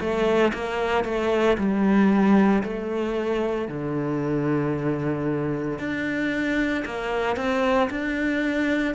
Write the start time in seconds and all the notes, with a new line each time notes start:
0.00 A3
0.54 A#3
1.04 A3
1.57 G3
2.63 A3
3.68 D3
5.78 D4
6.85 A#3
7.36 C4
7.90 D4